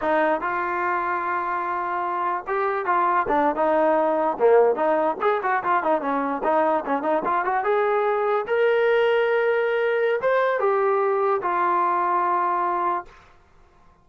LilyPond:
\new Staff \with { instrumentName = "trombone" } { \time 4/4 \tempo 4 = 147 dis'4 f'2.~ | f'2 g'4 f'4 | d'8. dis'2 ais4 dis'16~ | dis'8. gis'8 fis'8 f'8 dis'8 cis'4 dis'16~ |
dis'8. cis'8 dis'8 f'8 fis'8 gis'4~ gis'16~ | gis'8. ais'2.~ ais'16~ | ais'4 c''4 g'2 | f'1 | }